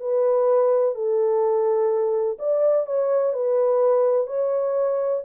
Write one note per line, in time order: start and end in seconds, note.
0.00 0.95 B4
0.95 2.38 A4
2.39 2.86 D5
2.86 3.33 C#5
3.33 4.27 B4
4.27 5.22 C#5